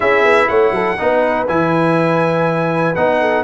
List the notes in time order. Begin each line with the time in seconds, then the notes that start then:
0.00 C#4 E4 G#4 E5
0.24 B3
0.48 A3 C#5 F#5
0.71 F#3 A4
0.98 B3 D#4 B4
1.47 E3 E4 G#5
2.95 B3 D#4 F#5
3.20 A4